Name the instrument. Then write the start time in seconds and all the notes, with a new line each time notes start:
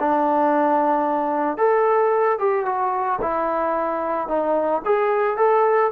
trombone
0.00 D4
1.58 A4
2.39 G4
2.66 F#4
3.22 E4
4.28 D#4
4.85 G#4
5.37 A4